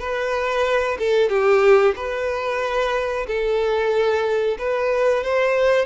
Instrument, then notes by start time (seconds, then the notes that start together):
violin
0.00 B4
0.99 A4
1.30 G4
1.96 B4
3.28 A4
4.59 B4
5.24 C5